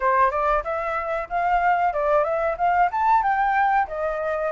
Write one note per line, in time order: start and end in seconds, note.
0.00 0.30 C5
0.30 0.63 D5
0.64 1.28 E5
1.29 1.93 F5
1.93 2.24 D5
2.24 2.56 E5
2.57 2.90 F5
2.91 3.23 A5
3.23 3.87 G5
3.87 4.51 D#5